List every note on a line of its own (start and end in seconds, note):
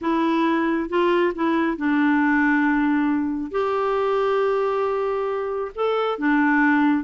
0.01 0.89 E4
0.89 1.33 F4
1.35 1.77 E4
1.77 3.51 D4
3.51 5.71 G4
5.75 6.18 A4
6.18 7.04 D4